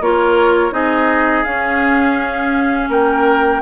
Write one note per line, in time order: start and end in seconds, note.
0.00 0.72 A#3
0.00 0.71 F4
0.00 0.74 A#4
0.00 0.73 C#5
0.71 1.44 C4
0.71 1.44 D#4
0.71 2.89 G#4
0.71 1.44 D#5
1.44 2.89 C#4
1.44 3.61 C#4
1.44 2.89 F5
2.89 3.61 A#3
2.89 3.61 A#4
2.89 3.61 G5